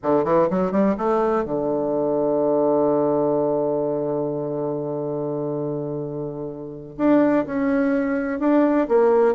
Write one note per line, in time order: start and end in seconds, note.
0.02 0.24 D3
0.24 0.48 E3
0.50 0.71 F#3
0.71 0.95 G3
0.97 1.44 A3
1.44 6.96 D3
6.97 7.45 D4
7.46 8.39 C#4
8.39 8.87 D4
8.88 9.35 A#3